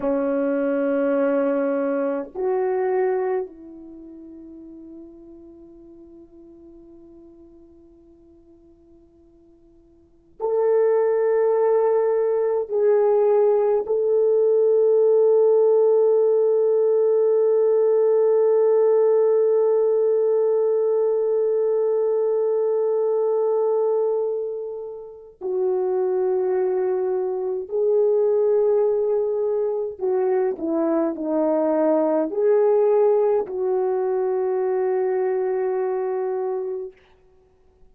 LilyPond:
\new Staff \with { instrumentName = "horn" } { \time 4/4 \tempo 4 = 52 cis'2 fis'4 e'4~ | e'1~ | e'4 a'2 gis'4 | a'1~ |
a'1~ | a'2 fis'2 | gis'2 fis'8 e'8 dis'4 | gis'4 fis'2. | }